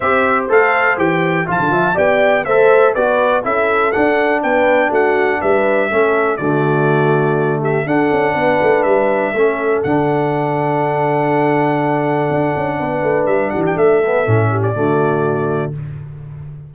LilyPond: <<
  \new Staff \with { instrumentName = "trumpet" } { \time 4/4 \tempo 4 = 122 e''4 f''4 g''4 a''4 | g''4 e''4 d''4 e''4 | fis''4 g''4 fis''4 e''4~ | e''4 d''2~ d''8 e''8 |
fis''2 e''2 | fis''1~ | fis''2. e''8 fis''16 g''16 | e''4.~ e''16 d''2~ d''16 | }
  \new Staff \with { instrumentName = "horn" } { \time 4/4 c''2. f''8 e''8 | d''4 c''4 b'4 a'4~ | a'4 b'4 fis'4 b'4 | a'4 fis'2~ fis'8 g'8 |
a'4 b'2 a'4~ | a'1~ | a'2 b'4. g'8 | a'4. g'8 fis'2 | }
  \new Staff \with { instrumentName = "trombone" } { \time 4/4 g'4 a'4 g'4 f'4 | g'4 a'4 fis'4 e'4 | d'1 | cis'4 a2. |
d'2. cis'4 | d'1~ | d'1~ | d'8 b8 cis'4 a2 | }
  \new Staff \with { instrumentName = "tuba" } { \time 4/4 c'4 a4 e4 f16 d16 f8 | b4 a4 b4 cis'4 | d'4 b4 a4 g4 | a4 d2. |
d'8 cis'8 b8 a8 g4 a4 | d1~ | d4 d'8 cis'8 b8 a8 g8 e8 | a4 a,4 d2 | }
>>